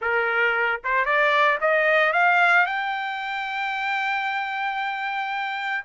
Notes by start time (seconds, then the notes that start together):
0.01 A#4
0.84 C5
1.05 D5
1.60 D#5
2.12 F5
2.65 G5